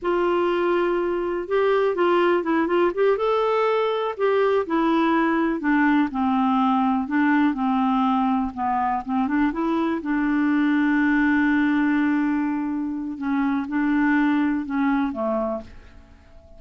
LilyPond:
\new Staff \with { instrumentName = "clarinet" } { \time 4/4 \tempo 4 = 123 f'2. g'4 | f'4 e'8 f'8 g'8 a'4.~ | a'8 g'4 e'2 d'8~ | d'8 c'2 d'4 c'8~ |
c'4. b4 c'8 d'8 e'8~ | e'8 d'2.~ d'8~ | d'2. cis'4 | d'2 cis'4 a4 | }